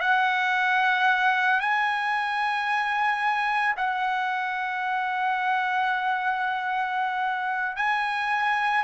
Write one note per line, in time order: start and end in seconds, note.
0.00 1.60 F#5
1.60 3.75 G#5
3.76 7.76 F#5
7.76 8.83 G#5